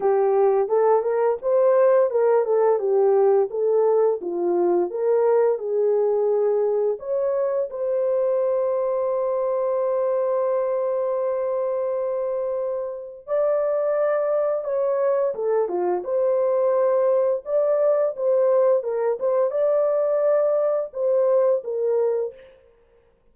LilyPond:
\new Staff \with { instrumentName = "horn" } { \time 4/4 \tempo 4 = 86 g'4 a'8 ais'8 c''4 ais'8 a'8 | g'4 a'4 f'4 ais'4 | gis'2 cis''4 c''4~ | c''1~ |
c''2. d''4~ | d''4 cis''4 a'8 f'8 c''4~ | c''4 d''4 c''4 ais'8 c''8 | d''2 c''4 ais'4 | }